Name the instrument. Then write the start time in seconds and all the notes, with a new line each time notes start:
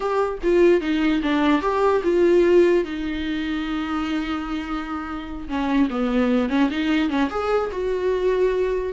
viola
0.00 G4
0.43 F4
0.81 D#4
1.22 D4
1.61 G4
2.03 F4
2.84 D#4
5.48 C#4
5.90 B3
6.49 C#4
6.70 D#4
7.09 C#4
7.30 G#4
7.71 F#4